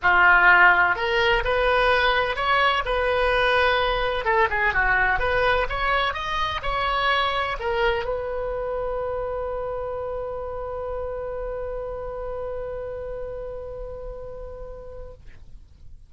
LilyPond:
\new Staff \with { instrumentName = "oboe" } { \time 4/4 \tempo 4 = 127 f'2 ais'4 b'4~ | b'4 cis''4 b'2~ | b'4 a'8 gis'8 fis'4 b'4 | cis''4 dis''4 cis''2 |
ais'4 b'2.~ | b'1~ | b'1~ | b'1 | }